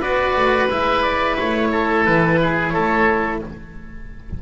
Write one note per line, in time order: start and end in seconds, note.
0.00 0.36 B3
0.00 0.69 F#4
0.00 1.69 B4
0.00 0.69 D5
0.36 0.70 A3
0.70 1.38 G#3
0.70 3.40 E4
0.70 1.02 E5
1.02 1.36 D5
1.39 2.06 A3
1.39 2.05 C#5
1.72 2.39 A4
2.05 2.74 E3
2.05 2.69 B4
2.42 2.73 G#4
2.69 3.42 A3
2.69 3.41 A4
2.69 3.36 C#5